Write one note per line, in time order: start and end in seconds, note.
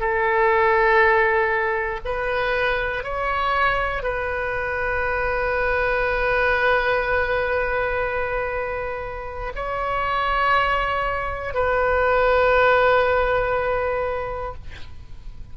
0.00 2.00 A4
2.05 3.04 B4
3.04 4.03 C#5
4.03 9.53 B4
9.55 11.54 C#5
11.54 14.54 B4